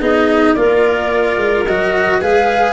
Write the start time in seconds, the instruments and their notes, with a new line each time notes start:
0.00 tuba B3, cello D#4, clarinet G#4, flute D#5
0.54 tuba A#3, cello F4, clarinet A#4, flute D5
1.37 tuba G#3
1.65 tuba F#3, cello F#4, flute D#5
2.20 tuba G#3, cello G#4, clarinet B4, flute F5